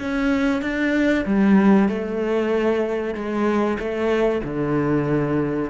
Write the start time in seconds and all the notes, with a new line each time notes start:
0.00 C#4
0.63 D4
1.26 G3
1.89 A3
3.15 G#3
3.79 A3
4.44 D3